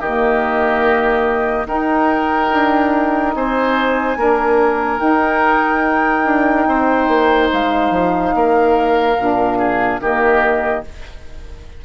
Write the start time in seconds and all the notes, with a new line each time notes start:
0.00 D#3 A#3 G4 D#5
1.66 D#4 A#4 G5
2.52 D4
3.35 C4 C5 G#5
4.16 A#3 D4 A#4
4.97 D#4 G5
6.25 D4
6.67 C4 C5
7.08 A#3
7.52 G#3 F5
7.90 F3
8.34 A#3 A#4
9.18 A#2 D4
9.58 G#4
10.00 D#3 A#3 G4 D#5